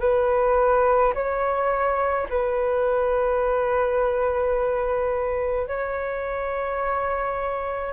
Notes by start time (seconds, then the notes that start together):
0.00 B4
1.14 C#5
2.30 B4
5.68 C#5